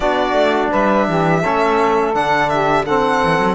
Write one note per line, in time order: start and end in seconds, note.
0.00 0.32 B3
0.00 1.42 D4
0.00 0.70 F#4
0.00 0.69 D5
0.32 0.68 A3
0.70 1.08 G3
0.70 1.06 B4
0.70 2.14 E5
1.08 1.44 E3
1.08 1.41 G4
1.41 2.14 A3
1.41 2.14 C#4
1.41 2.48 A4
2.14 3.21 D3
2.14 2.85 D4
2.14 2.49 F#5
2.49 2.84 G4
2.49 2.85 E5
2.84 3.55 C4
2.84 3.55 A4
2.84 3.55 F#5
3.23 3.38 E3
3.38 3.55 F#3